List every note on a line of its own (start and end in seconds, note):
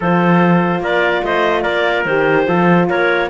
0.00 0.80 F3
0.00 2.07 F4
0.00 0.82 A4
0.00 0.83 C5
0.80 1.21 A#3
0.80 1.24 A#4
0.80 1.24 D5
1.24 1.65 A3
1.24 1.62 C5
1.24 1.62 D#5
1.62 2.05 A#3
1.62 2.45 A#4
1.62 2.03 D5
2.05 2.46 D#3
2.05 2.47 G4
2.05 2.88 C5
2.47 2.89 F3
2.47 3.29 F4
2.47 2.89 A4
2.89 3.29 A#3
2.89 3.29 A#4
2.89 3.29 C#5